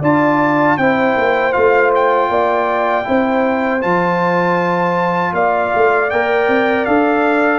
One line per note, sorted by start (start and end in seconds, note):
0.00 0.77 D4
0.00 0.78 F4
0.00 0.76 D5
0.00 0.77 A5
0.77 1.15 C4
0.77 1.52 E4
0.77 2.30 C5
0.77 1.53 G5
1.16 1.54 A#3
1.52 2.29 A3
1.52 3.04 F4
1.52 1.91 F5
1.95 3.82 G5
2.29 3.05 A#3
2.29 3.06 D5
3.04 3.84 C4
3.04 3.80 E4
3.04 5.33 C5
3.80 5.33 F3
3.80 6.08 F4
3.80 5.34 A5
5.33 5.71 A#3
5.33 7.58 D5
5.33 6.10 F5
5.75 6.11 A3
6.10 6.47 A#3
6.10 6.88 A#4
6.10 6.85 G5
6.47 6.85 C4
6.85 7.58 D4
6.85 7.58 A4
6.85 7.58 F5